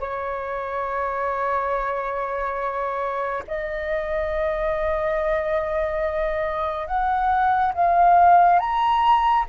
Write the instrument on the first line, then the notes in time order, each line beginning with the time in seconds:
flute
0.00 C#5
3.48 D#5
6.87 F#5
7.74 F5
8.59 A#5